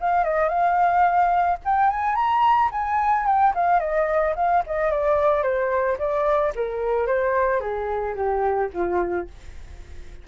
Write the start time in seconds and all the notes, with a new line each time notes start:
0.00 F5
0.24 D#5
0.49 F5
1.65 G5
1.89 G#5
2.15 A#5
2.71 G#5
3.26 G5
3.54 F5
3.79 D#5
4.35 F5
4.66 D#5
4.90 D5
5.42 C5
5.98 D5
6.55 A#4
7.07 C5
7.60 G#4
8.15 G4
8.73 F4